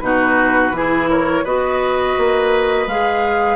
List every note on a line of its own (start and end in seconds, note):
0.00 0.72 B2
0.00 0.72 D#4
0.00 0.76 F#4
0.00 1.07 B4
0.72 1.43 E3
0.72 1.44 E4
0.72 1.09 G#4
1.09 1.44 A#4
1.09 1.45 C#5
1.44 2.16 B3
1.44 2.87 F#4
1.44 3.56 B4
1.44 2.88 D#5
2.18 2.86 A#3
2.86 3.56 G#3
2.86 3.56 G#4
2.86 3.56 F5